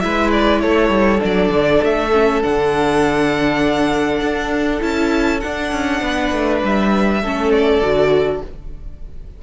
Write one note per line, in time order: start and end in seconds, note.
0.00 0.63 G#3
0.00 1.18 E4
0.00 0.61 B4
0.00 0.30 E5
0.31 0.61 D5
0.61 0.90 A3
0.61 6.01 A4
0.61 1.21 C#5
0.90 1.20 G3
1.18 1.50 F#3
1.18 2.08 D4
1.25 1.84 D5
1.50 1.80 D3
1.83 2.43 A3
1.83 2.43 E5
2.13 2.43 C#4
2.43 4.21 D3
2.43 4.79 D4
2.43 4.82 F#5
4.21 4.81 D4
4.79 5.42 C#4
4.79 5.40 E4
4.79 5.40 A5
5.40 7.23 D4
5.40 5.72 D4
5.40 6.60 F#5
5.72 6.01 C#4
6.01 6.31 B3
6.01 7.22 B4
6.32 6.62 A3
6.63 7.22 G3
6.63 7.51 E5
7.22 7.81 A3
7.22 7.83 C#4
7.22 8.42 A4
7.51 8.41 D5
7.81 8.41 D3
7.81 8.43 F#4